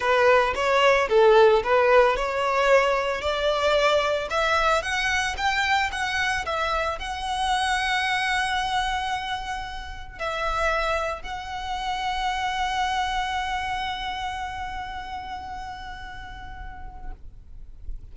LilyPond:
\new Staff \with { instrumentName = "violin" } { \time 4/4 \tempo 4 = 112 b'4 cis''4 a'4 b'4 | cis''2 d''2 | e''4 fis''4 g''4 fis''4 | e''4 fis''2.~ |
fis''2. e''4~ | e''4 fis''2.~ | fis''1~ | fis''1 | }